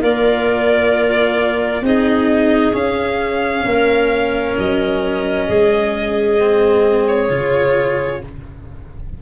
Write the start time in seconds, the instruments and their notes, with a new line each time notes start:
0.00 tuba A#3, cello F4, clarinet A#4, violin D5
1.81 tuba C4, cello D#4, clarinet G#4, violin D#5
2.72 cello C#4, tuba C#4, violin F5
3.65 tuba A#3, clarinet A#4
4.57 tuba F#3, violin D#5
5.48 tuba G#3, clarinet G#4
6.39 cello C4
7.08 violin C#5
7.29 tuba C#3, cello F4